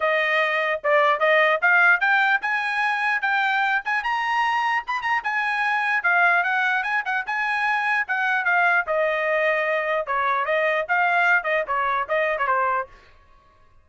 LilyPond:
\new Staff \with { instrumentName = "trumpet" } { \time 4/4 \tempo 4 = 149 dis''2 d''4 dis''4 | f''4 g''4 gis''2 | g''4. gis''8 ais''2 | b''8 ais''8 gis''2 f''4 |
fis''4 gis''8 fis''8 gis''2 | fis''4 f''4 dis''2~ | dis''4 cis''4 dis''4 f''4~ | f''8 dis''8 cis''4 dis''8. cis''16 c''4 | }